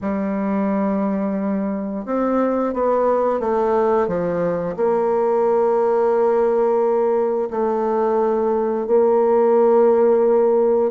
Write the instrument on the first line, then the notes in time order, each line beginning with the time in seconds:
bassoon
0.01 G3
2.05 C4
2.73 B3
3.40 A3
4.07 F3
4.76 A#3
7.50 A3
8.86 A#3